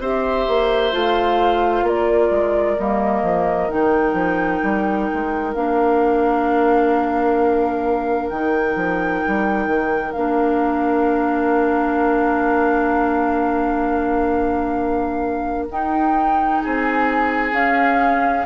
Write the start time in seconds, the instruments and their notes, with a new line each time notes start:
0.00 bassoon C4, clarinet G4, oboe C5, flute E5
0.48 bassoon A#3
0.92 bassoon A3, clarinet F4, flute F5
1.82 bassoon A#3, oboe A#4, flute D5
2.31 bassoon G#3
2.78 bassoon G3, clarinet A#3, flute D#5
3.23 bassoon F3
3.69 bassoon D#3, clarinet D#4, flute G5
4.14 bassoon F3
4.63 bassoon G3
5.14 bassoon G#3
5.54 bassoon A#3, clarinet D4, flute F5
8.30 bassoon D#3, clarinet D#4, flute G5
8.76 bassoon F3
9.27 bassoon G3
9.67 bassoon D#3
10.12 bassoon A#3, clarinet D4, flute F5
15.70 bassoon D#4, clarinet D#4, flute G5
16.62 bassoon C4, oboe G#4, flute G#5
17.52 clarinet C#4, bassoon C#4, flute F5